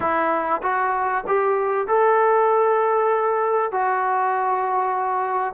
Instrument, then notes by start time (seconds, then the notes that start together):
trombone
0.00 E4
0.62 F#4
1.27 G4
1.87 A4
3.71 F#4